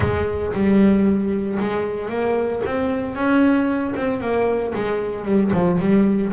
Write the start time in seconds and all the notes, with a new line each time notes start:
0.00 G#3
0.53 G3
1.59 G#3
2.09 A#3
2.65 C4
3.15 C#4
3.95 C4
4.21 A#3
4.75 G#3
5.25 G3
5.52 F3
5.79 G3